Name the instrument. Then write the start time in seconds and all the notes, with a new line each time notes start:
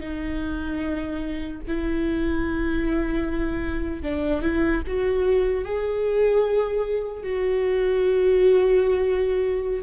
viola
0.00 D#4
1.67 E4
4.02 D4
4.42 E4
4.87 F#4
5.64 G#4
7.23 F#4